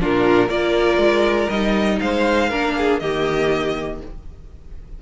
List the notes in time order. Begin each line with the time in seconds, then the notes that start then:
0.00 A#2 D4 F4 A#4
0.48 A#3 F4 A#4 D5
0.98 G#3
1.50 G3 D#4 D#5
2.00 G#3 C5 F5
2.49 A#3 D4 A#4
2.78 G#4
2.99 D#3 A#3 G4 D#5